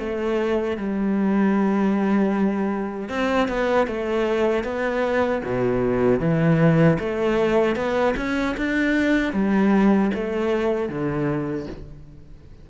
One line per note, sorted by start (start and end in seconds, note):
0.00 0.78 A3
0.78 3.10 G3
3.10 3.49 C4
3.49 3.87 B3
3.87 4.64 A3
4.64 5.42 B3
5.45 6.21 B2
6.21 6.98 E3
7.00 7.76 A3
7.76 8.15 B3
8.17 8.56 C#4
8.57 9.34 D4
9.34 10.12 G3
10.15 10.89 A3
10.89 11.67 D3